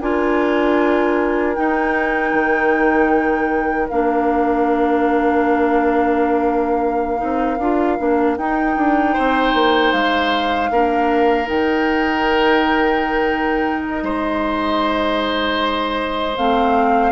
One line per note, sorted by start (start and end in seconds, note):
0.00 1.57 D4
0.00 1.55 F4
0.00 9.13 A#4
0.00 1.54 G#5
1.54 3.89 D#4
1.54 2.32 D#4
1.54 3.88 G5
2.32 3.88 D#3
3.89 7.22 A#3
3.89 7.17 D4
3.89 8.37 F5
7.17 7.59 C4
7.17 7.56 D#4
7.59 7.98 D4
7.59 7.98 F4
7.98 8.37 A#3
7.98 8.37 D4
8.37 8.76 D#4
8.37 10.72 D#4
8.37 9.92 G5
8.76 9.15 D4
9.13 9.54 C4
9.13 10.69 C5
9.54 9.93 A#3
9.92 10.70 G#3
9.92 11.48 F5
10.70 11.48 A#3
10.70 11.45 D4
10.70 14.03 A#4
11.45 14.02 D#3
11.45 16.32 D#4
11.45 13.82 G5
13.83 16.36 D#5
14.02 16.36 G#3
14.02 17.12 C5
16.36 17.12 A3
16.36 17.12 C4
16.36 17.12 F5